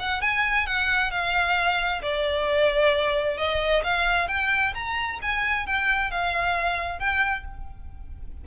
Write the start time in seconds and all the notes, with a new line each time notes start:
0.00 F#5
0.22 G#5
0.67 F#5
1.11 F5
2.02 D5
3.38 D#5
3.84 F5
4.29 G5
4.75 A#5
5.22 G#5
5.67 G5
6.11 F5
7.00 G5